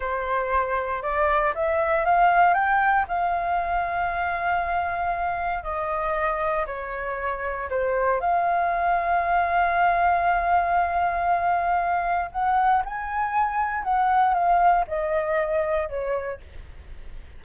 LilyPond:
\new Staff \with { instrumentName = "flute" } { \time 4/4 \tempo 4 = 117 c''2 d''4 e''4 | f''4 g''4 f''2~ | f''2. dis''4~ | dis''4 cis''2 c''4 |
f''1~ | f''1 | fis''4 gis''2 fis''4 | f''4 dis''2 cis''4 | }